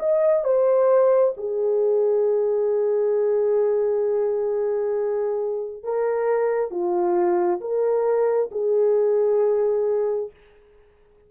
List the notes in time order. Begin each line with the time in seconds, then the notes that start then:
0.00 D#5
0.45 C5
1.37 G#4
5.84 A#4
6.71 F4
7.61 A#4
8.52 G#4